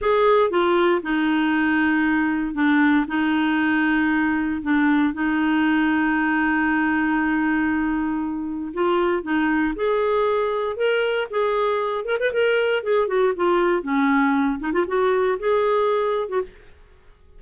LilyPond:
\new Staff \with { instrumentName = "clarinet" } { \time 4/4 \tempo 4 = 117 gis'4 f'4 dis'2~ | dis'4 d'4 dis'2~ | dis'4 d'4 dis'2~ | dis'1~ |
dis'4 f'4 dis'4 gis'4~ | gis'4 ais'4 gis'4. ais'16 b'16 | ais'4 gis'8 fis'8 f'4 cis'4~ | cis'8 dis'16 f'16 fis'4 gis'4.~ gis'16 fis'16 | }